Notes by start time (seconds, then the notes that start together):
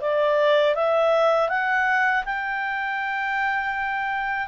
0.00 D5
0.74 E5
1.49 F#5
2.25 G5